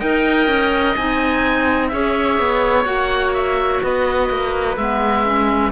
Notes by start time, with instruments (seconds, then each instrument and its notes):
0.00 cello D#4, clarinet A#4, oboe D#5 G5
0.47 cello C#4
0.97 cello C4, clarinet D#4, oboe G#5
1.89 cello C#4, clarinet G#4, oboe C#5 E5
2.40 cello B3
2.85 cello A#3, clarinet F#4, oboe F#5
3.34 oboe E5
3.83 cello B3, oboe B4 D#5
4.30 cello A#3
4.77 cello G#3, clarinet B3, oboe E5
5.25 clarinet C#4